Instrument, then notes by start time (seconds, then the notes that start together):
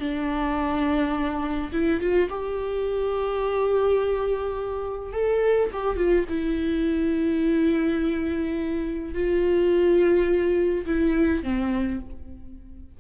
viola
0.00 D4
1.72 E4
2.01 F4
2.30 G4
5.13 A4
5.73 G4
5.97 F4
6.29 E4
9.15 F4
10.86 E4
11.43 C4